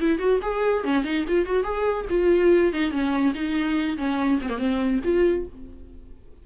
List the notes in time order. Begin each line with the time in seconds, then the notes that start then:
0.00 E4
0.19 F#4
0.42 G#4
0.84 C#4
1.04 D#4
1.28 F4
1.46 F#4
1.64 G#4
2.10 F4
2.73 D#4
2.91 C#4
3.34 D#4
3.98 C#4
4.42 C4
4.49 A#3
4.58 C4
5.04 F4